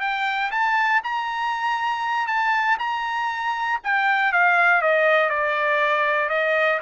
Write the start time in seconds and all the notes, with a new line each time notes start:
0.00 G5
0.51 A5
1.03 A#5
2.27 A5
2.79 A#5
3.83 G5
4.32 F5
4.81 D#5
5.29 D5
6.29 D#5